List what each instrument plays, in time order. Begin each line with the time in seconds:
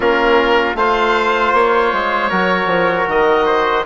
0.00 bassoon A#3, trombone C#4, trumpet F4, oboe A#4
0.75 bassoon A3, trombone F4, trumpet C5, oboe F5
1.53 bassoon A#3, oboe C#5
1.92 bassoon G#3
2.29 bassoon F#3, trombone F#4, trumpet A#4
2.66 bassoon F3
3.07 bassoon D#3, oboe D#5
3.45 trumpet C5